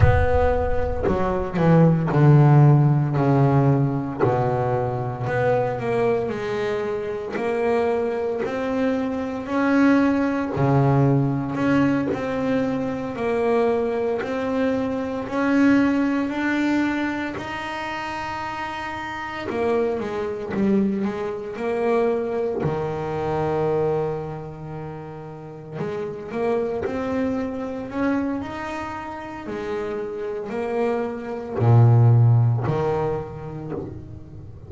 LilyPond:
\new Staff \with { instrumentName = "double bass" } { \time 4/4 \tempo 4 = 57 b4 fis8 e8 d4 cis4 | b,4 b8 ais8 gis4 ais4 | c'4 cis'4 cis4 cis'8 c'8~ | c'8 ais4 c'4 cis'4 d'8~ |
d'8 dis'2 ais8 gis8 g8 | gis8 ais4 dis2~ dis8~ | dis8 gis8 ais8 c'4 cis'8 dis'4 | gis4 ais4 ais,4 dis4 | }